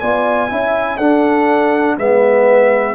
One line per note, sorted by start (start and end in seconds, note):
0.00 0.51 B3
0.00 0.49 F4
0.00 0.50 D5
0.00 0.98 G#5
0.49 0.99 C#4
0.49 0.99 E4
0.49 0.98 E5
0.98 1.97 D4
0.98 1.98 D4
0.98 1.96 A4
0.98 1.96 F#5
1.98 2.95 G#3
1.98 2.95 B3
1.98 2.95 B4
1.98 2.95 E5